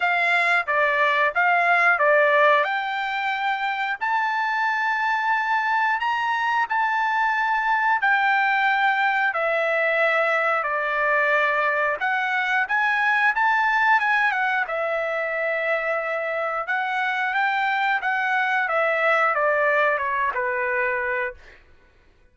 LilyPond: \new Staff \with { instrumentName = "trumpet" } { \time 4/4 \tempo 4 = 90 f''4 d''4 f''4 d''4 | g''2 a''2~ | a''4 ais''4 a''2 | g''2 e''2 |
d''2 fis''4 gis''4 | a''4 gis''8 fis''8 e''2~ | e''4 fis''4 g''4 fis''4 | e''4 d''4 cis''8 b'4. | }